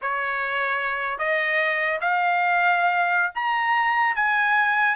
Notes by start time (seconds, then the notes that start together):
0.01 C#5
1.18 D#5
2.00 F5
3.34 A#5
4.15 G#5